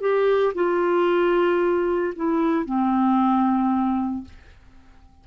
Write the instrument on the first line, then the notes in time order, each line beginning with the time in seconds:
clarinet
0.00 G4
0.54 F4
2.15 E4
2.65 C4